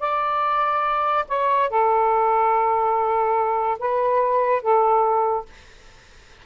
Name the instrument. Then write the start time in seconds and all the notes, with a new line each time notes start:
saxophone
0.00 D5
1.28 C#5
1.70 A4
3.79 B4
4.62 A4